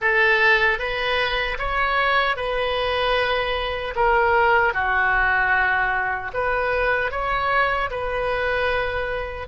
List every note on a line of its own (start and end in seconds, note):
0.01 0.78 A4
0.78 1.57 B4
1.58 2.36 C#5
2.36 3.94 B4
3.95 4.73 A#4
4.73 6.31 F#4
6.33 7.11 B4
7.11 7.89 C#5
7.90 9.47 B4